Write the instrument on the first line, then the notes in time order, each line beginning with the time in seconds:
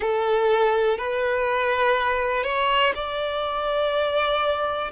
violin
0.00 A4
0.97 B4
2.43 C#5
2.94 D5